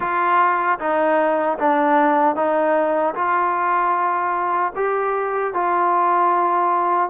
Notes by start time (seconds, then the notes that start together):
0.00 F4
0.79 D#4
1.58 D4
2.35 D#4
3.14 F4
4.75 G4
5.53 F4